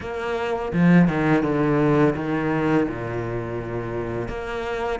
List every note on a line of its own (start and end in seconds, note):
0.00 0.72 A#3
0.72 1.07 F3
1.07 1.43 D#3
1.43 2.14 D3
2.15 2.87 D#3
2.88 4.28 A#2
4.28 4.99 A#3